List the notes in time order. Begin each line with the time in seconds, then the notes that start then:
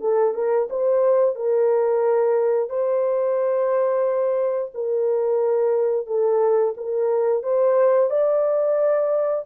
0.00 A4
0.34 A#4
0.70 C5
1.35 A#4
2.69 C5
4.74 A#4
6.06 A4
6.76 A#4
7.42 C5
8.10 D5